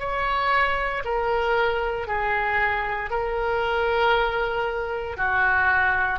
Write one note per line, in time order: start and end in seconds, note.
0.00 1.03 C#5
1.05 2.08 A#4
2.08 3.10 G#4
3.10 5.17 A#4
5.17 6.19 F#4